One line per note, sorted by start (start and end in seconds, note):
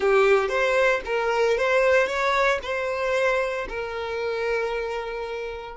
0.00 0.48 G4
0.48 1.01 C5
1.05 1.57 A#4
1.57 2.07 C5
2.07 2.59 C#5
2.62 3.67 C5
3.69 5.76 A#4